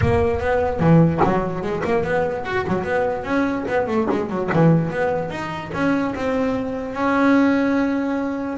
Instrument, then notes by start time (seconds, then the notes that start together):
double bass
0.01 A#3
0.40 B3
0.79 E3
1.24 F#3
1.62 G#3
1.84 A#3
2.03 B3
2.45 F#4
2.67 F#3
2.84 B3
3.24 C#4
3.68 B3
3.87 A3
4.11 G#3
4.29 F#3
4.53 E3
4.90 B3
5.30 D#4
5.73 C#4
6.15 C4
6.94 C#4